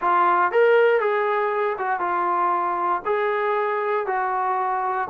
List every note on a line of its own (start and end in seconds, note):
0.01 0.51 F4
0.51 1.00 A#4
1.00 1.76 G#4
1.78 2.00 F#4
2.00 3.01 F4
3.05 4.06 G#4
4.06 5.08 F#4